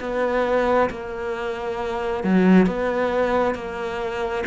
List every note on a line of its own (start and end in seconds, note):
0.00 0.90 B3
0.90 2.24 A#3
2.24 2.67 F#3
2.67 3.55 B3
3.55 4.45 A#3